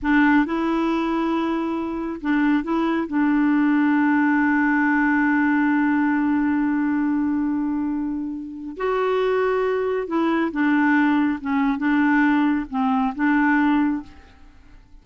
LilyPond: \new Staff \with { instrumentName = "clarinet" } { \time 4/4 \tempo 4 = 137 d'4 e'2.~ | e'4 d'4 e'4 d'4~ | d'1~ | d'1~ |
d'1 | fis'2. e'4 | d'2 cis'4 d'4~ | d'4 c'4 d'2 | }